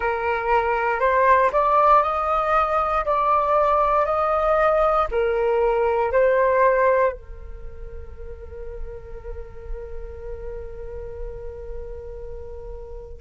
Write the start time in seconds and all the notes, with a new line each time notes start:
0.00 A#4
0.99 C5
1.52 D5
2.02 D#5
3.05 D5
4.05 D#5
5.11 A#4
6.12 C5
7.12 A#4